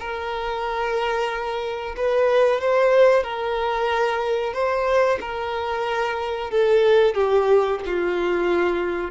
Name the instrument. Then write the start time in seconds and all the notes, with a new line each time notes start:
violin
0.00 A#4
1.97 B4
2.61 C5
3.24 A#4
4.54 C5
5.21 A#4
6.51 A4
7.15 G4
7.86 F4